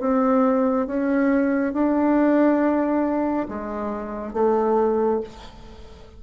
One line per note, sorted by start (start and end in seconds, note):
0.00 0.87 C4
0.87 1.74 C#4
1.74 3.47 D4
3.49 4.34 G#3
4.34 5.21 A3